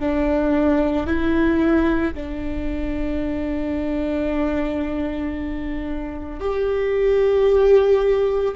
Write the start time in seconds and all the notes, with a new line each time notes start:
0.00 D4
1.07 E4
2.15 D4
6.41 G4